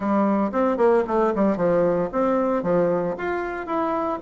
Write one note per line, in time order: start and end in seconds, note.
0.00 0.51 G3
0.52 0.77 C4
0.77 1.03 A#3
1.07 1.33 A3
1.35 1.56 G3
1.56 2.09 F3
2.11 2.62 C4
2.62 3.15 F3
3.17 3.66 F4
3.66 4.19 E4